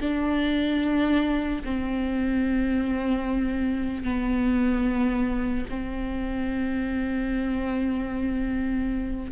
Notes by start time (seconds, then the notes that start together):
0.00 D4
1.64 C4
4.03 B3
5.69 C4